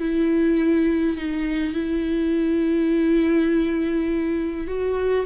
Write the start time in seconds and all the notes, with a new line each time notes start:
0.00 E4
1.17 D#4
1.74 E4
4.68 F#4